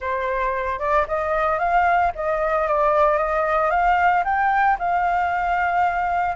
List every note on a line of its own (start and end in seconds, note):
0.00 0.79 C5
0.79 1.05 D5
1.07 1.58 D#5
1.58 2.11 F5
2.15 2.67 D#5
2.67 3.17 D5
3.17 3.70 D#5
3.70 4.23 F5
4.24 4.77 G5
4.78 6.35 F5